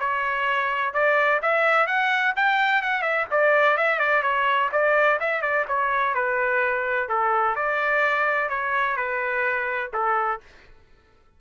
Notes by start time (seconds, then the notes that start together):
0.00 C#5
0.94 D5
1.42 E5
1.87 F#5
2.36 G5
2.82 F#5
3.02 E5
3.31 D5
3.78 E5
3.99 D5
4.23 C#5
4.72 D5
5.21 E5
5.42 D5
5.68 C#5
6.15 B4
7.09 A4
7.56 D5
8.50 C#5
8.97 B4
9.94 A4